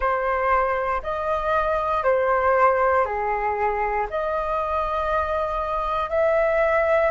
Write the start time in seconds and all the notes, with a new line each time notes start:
0.00 C5
1.02 D#5
2.03 C5
3.05 G#4
4.10 D#5
6.09 E5